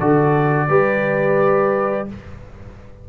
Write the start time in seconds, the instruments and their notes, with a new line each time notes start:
0.00 tuba D3, trombone F#4, horn A4, trumpet D5
0.69 tuba G3, trombone G4, horn B4